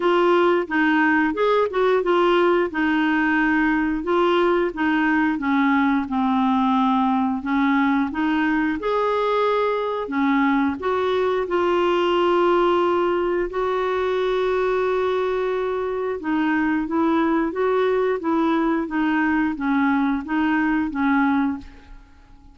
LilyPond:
\new Staff \with { instrumentName = "clarinet" } { \time 4/4 \tempo 4 = 89 f'4 dis'4 gis'8 fis'8 f'4 | dis'2 f'4 dis'4 | cis'4 c'2 cis'4 | dis'4 gis'2 cis'4 |
fis'4 f'2. | fis'1 | dis'4 e'4 fis'4 e'4 | dis'4 cis'4 dis'4 cis'4 | }